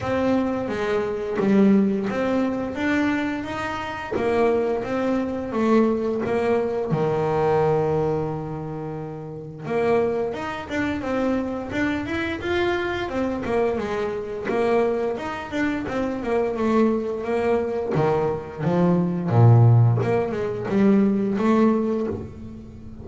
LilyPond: \new Staff \with { instrumentName = "double bass" } { \time 4/4 \tempo 4 = 87 c'4 gis4 g4 c'4 | d'4 dis'4 ais4 c'4 | a4 ais4 dis2~ | dis2 ais4 dis'8 d'8 |
c'4 d'8 e'8 f'4 c'8 ais8 | gis4 ais4 dis'8 d'8 c'8 ais8 | a4 ais4 dis4 f4 | ais,4 ais8 gis8 g4 a4 | }